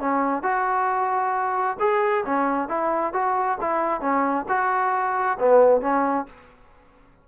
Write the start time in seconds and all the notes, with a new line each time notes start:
0.00 C#4
0.43 F#4
1.80 G#4
2.26 C#4
2.68 E4
3.13 F#4
3.61 E4
4.01 C#4
4.48 F#4
5.39 B3
5.81 C#4